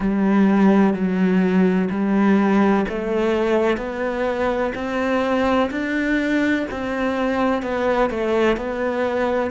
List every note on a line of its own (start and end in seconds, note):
0.00 0.93 G3
0.93 1.88 F#3
1.90 2.85 G3
2.88 3.77 A3
3.77 4.72 B3
4.74 5.70 C4
5.71 6.66 D4
6.71 7.62 C4
7.62 8.10 B3
8.10 8.57 A3
8.57 9.51 B3